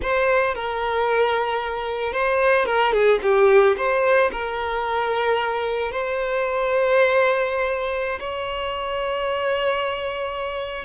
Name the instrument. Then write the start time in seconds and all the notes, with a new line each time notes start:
violin
0.01 C5
0.54 A#4
2.12 C5
2.65 A#4
2.92 G#4
3.22 G4
3.77 C5
4.31 A#4
5.91 C5
8.19 C#5